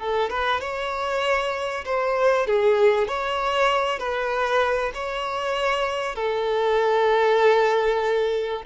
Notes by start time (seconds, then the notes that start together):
0.00 A4
0.30 B4
0.61 C#5
1.86 C5
2.47 G#4
3.08 C#5
4.00 B4
4.95 C#5
6.16 A4